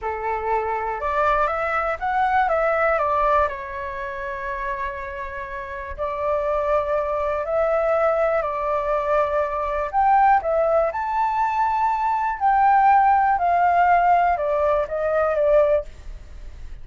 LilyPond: \new Staff \with { instrumentName = "flute" } { \time 4/4 \tempo 4 = 121 a'2 d''4 e''4 | fis''4 e''4 d''4 cis''4~ | cis''1 | d''2. e''4~ |
e''4 d''2. | g''4 e''4 a''2~ | a''4 g''2 f''4~ | f''4 d''4 dis''4 d''4 | }